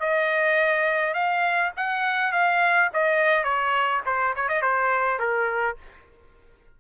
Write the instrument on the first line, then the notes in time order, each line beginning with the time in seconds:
trumpet
0.00 D#5
1.14 F5
1.76 F#5
2.32 F5
2.93 D#5
3.44 C#5
4.06 C5
4.36 C#5
4.49 D#5
4.62 C5
5.19 A#4